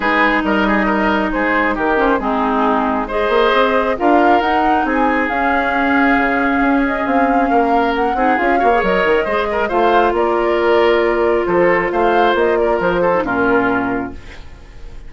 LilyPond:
<<
  \new Staff \with { instrumentName = "flute" } { \time 4/4 \tempo 4 = 136 b'4 dis''2 c''4 | ais'8 c''8 gis'2 dis''4~ | dis''4 f''4 fis''4 gis''4 | f''2.~ f''8 dis''8 |
f''2 fis''4 f''4 | dis''2 f''4 d''4~ | d''2 c''4 f''4 | dis''8 d''8 c''4 ais'2 | }
  \new Staff \with { instrumentName = "oboe" } { \time 4/4 gis'4 ais'8 gis'8 ais'4 gis'4 | g'4 dis'2 c''4~ | c''4 ais'2 gis'4~ | gis'1~ |
gis'4 ais'4. gis'4 cis''8~ | cis''4 c''8 ais'8 c''4 ais'4~ | ais'2 a'4 c''4~ | c''8 ais'4 a'8 f'2 | }
  \new Staff \with { instrumentName = "clarinet" } { \time 4/4 dis'1~ | dis'8 cis'8 c'2 gis'4~ | gis'4 f'4 dis'2 | cis'1~ |
cis'2~ cis'8 dis'8 f'8 fis'16 gis'16 | ais'4 gis'4 f'2~ | f'1~ | f'4.~ f'16 dis'16 cis'2 | }
  \new Staff \with { instrumentName = "bassoon" } { \time 4/4 gis4 g2 gis4 | dis4 gis2~ gis8 ais8 | c'4 d'4 dis'4 c'4 | cis'2 cis4 cis'4 |
c'4 ais4. c'8 cis'8 ais8 | fis8 dis8 gis4 a4 ais4~ | ais2 f4 a4 | ais4 f4 ais,2 | }
>>